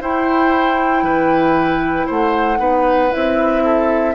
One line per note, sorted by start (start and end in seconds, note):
0.00 2.57 E4
0.00 1.02 E4
0.00 1.04 C5
0.00 2.09 G5
1.02 2.06 E3
1.02 2.06 B4
2.06 2.59 A3
2.06 2.58 C5
2.06 3.12 F#5
2.57 3.10 B3
2.57 3.08 D#4
2.57 3.63 B4
3.11 4.15 C4
3.11 4.14 E4
3.11 4.15 E5
3.64 4.15 A4